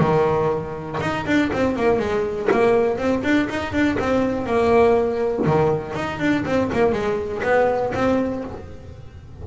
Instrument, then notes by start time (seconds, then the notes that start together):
double bass
0.00 D#3
1.01 D#4
1.26 D4
1.53 C4
1.76 A#3
1.99 G#3
2.52 A#3
2.98 C4
3.24 D4
3.50 D#4
3.73 D4
3.99 C4
4.47 A#3
5.46 D#3
5.95 D#4
6.19 D4
6.46 C4
6.73 A#3
6.92 G#3
7.43 B3
7.95 C4